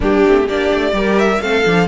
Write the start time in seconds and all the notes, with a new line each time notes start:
0.00 G3 A#3 D4 G4
0.25 A3 C4
0.46 A#3 D4 G4 D5
0.73 A3
0.92 G3 G4 A#4
1.18 E5
1.40 A3 C4 A4 F5
1.65 F3 D4